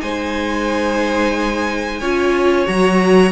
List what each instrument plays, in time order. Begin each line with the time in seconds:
0.00 cello G#3, viola D#4, violin C5 G#5
2.01 cello C#4, viola F4, violin C#5
2.66 cello F#3, viola F#4, violin A#5